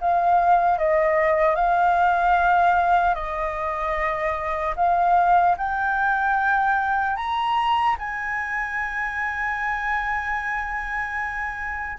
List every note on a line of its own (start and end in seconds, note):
0.00 0.78 F5
0.78 1.55 D#5
1.55 3.15 F5
3.15 4.75 D#5
4.76 5.56 F5
5.57 7.16 G5
7.16 7.96 A#5
7.99 11.99 G#5